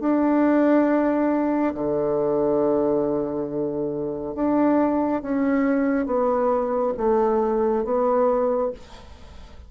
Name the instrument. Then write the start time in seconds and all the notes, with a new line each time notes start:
bassoon
0.00 D4
1.74 D3
4.35 D4
5.22 C#4
6.06 B3
6.97 A3
7.84 B3